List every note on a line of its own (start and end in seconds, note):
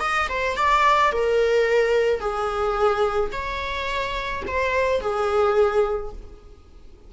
0.00 0.28 D#5
0.29 0.57 C5
0.57 1.12 D5
1.12 2.20 A#4
2.20 3.31 G#4
3.32 4.43 C#5
4.47 5.01 C5
5.01 6.12 G#4